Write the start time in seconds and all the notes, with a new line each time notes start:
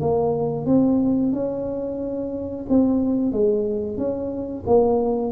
0.00 A#3
0.65 C4
1.32 C#4
2.68 C4
3.32 G#3
3.97 C#4
4.66 A#3